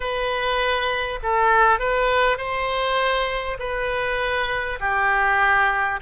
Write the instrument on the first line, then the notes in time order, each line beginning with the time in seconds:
oboe
0.00 B4
1.23 A4
1.79 B4
2.37 C5
3.59 B4
4.80 G4